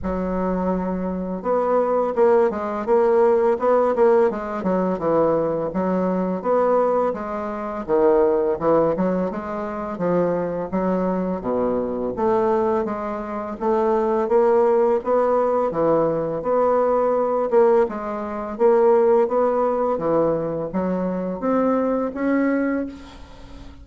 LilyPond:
\new Staff \with { instrumentName = "bassoon" } { \time 4/4 \tempo 4 = 84 fis2 b4 ais8 gis8 | ais4 b8 ais8 gis8 fis8 e4 | fis4 b4 gis4 dis4 | e8 fis8 gis4 f4 fis4 |
b,4 a4 gis4 a4 | ais4 b4 e4 b4~ | b8 ais8 gis4 ais4 b4 | e4 fis4 c'4 cis'4 | }